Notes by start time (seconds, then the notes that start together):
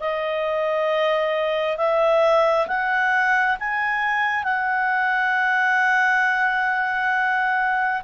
0.00 D#5
1.77 E5
2.67 F#5
3.59 G#5
4.44 F#5